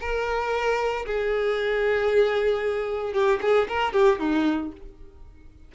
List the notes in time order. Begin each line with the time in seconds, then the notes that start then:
0.00 A#4
1.06 G#4
3.13 G4
3.41 G#4
3.68 A#4
3.93 G4
4.19 D#4